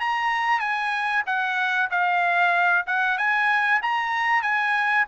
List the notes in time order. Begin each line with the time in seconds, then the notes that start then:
0.00 A#5
0.60 G#5
1.26 F#5
1.90 F5
2.87 F#5
3.18 G#5
3.82 A#5
4.42 G#5